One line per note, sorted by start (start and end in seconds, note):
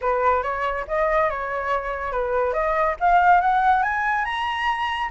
0.01 0.42 B4
0.42 0.85 C#5
0.87 1.30 D#5
1.30 2.12 C#5
2.12 2.53 B4
2.53 2.95 D#5
3.00 3.40 F5
3.40 3.83 F#5
3.83 4.24 G#5
4.24 5.09 A#5